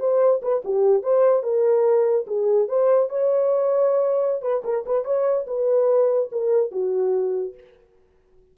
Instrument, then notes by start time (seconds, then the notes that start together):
horn
0.00 C5
0.43 B4
0.65 G4
1.03 C5
1.44 A#4
2.27 G#4
2.69 C5
3.10 C#5
4.42 B4
4.65 A#4
4.86 B4
5.05 C#5
5.47 B4
6.32 A#4
6.72 F#4